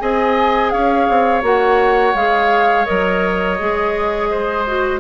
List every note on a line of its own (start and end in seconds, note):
0.00 0.73 C4
0.00 1.43 G#4
0.00 0.73 D#5
0.00 0.71 G#5
0.71 1.09 C#4
0.71 4.30 C#5
0.71 1.42 F5
1.10 1.43 C4
1.43 2.14 A#3
1.43 2.14 F#4
1.43 2.17 F#5
2.15 2.86 G#3
2.15 2.86 G#4
2.15 2.86 F5
2.86 3.60 F#3
2.86 3.58 A#4
2.86 5.00 D#5
3.60 5.00 G#3
3.60 4.67 G#4
4.31 5.00 C5
4.67 5.00 F#4